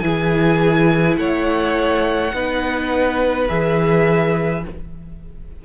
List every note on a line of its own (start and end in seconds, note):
0.00 1.18 E3
0.00 2.34 E4
0.00 1.19 G#4
0.00 1.15 G#5
1.18 2.33 A3
1.18 2.35 C#5
1.18 3.48 F#5
2.34 3.49 B3
2.34 3.49 D#4
2.34 4.66 B4
3.49 4.65 E3
3.49 4.64 G#4
3.49 4.65 E5